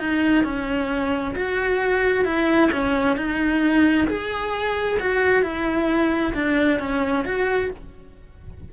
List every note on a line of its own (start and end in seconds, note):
0.00 0.44 D#4
0.44 1.35 C#4
1.36 2.25 F#4
2.25 2.71 E4
2.72 3.17 C#4
3.17 4.08 D#4
4.08 4.99 G#4
5.00 5.43 F#4
5.43 6.34 E4
6.35 6.80 D4
6.80 7.25 C#4
7.25 7.71 F#4